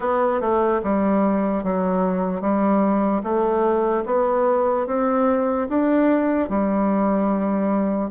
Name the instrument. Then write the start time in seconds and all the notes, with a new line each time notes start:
bassoon
0.00 B3
0.41 A3
0.83 G3
1.63 F#3
2.41 G3
3.22 A3
4.05 B3
4.86 C4
5.68 D4
6.49 G3